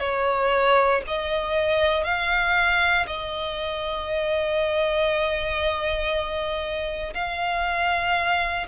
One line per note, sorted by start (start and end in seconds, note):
0.00 1.02 C#5
1.08 2.05 D#5
2.05 3.06 F5
3.07 7.14 D#5
7.15 8.67 F5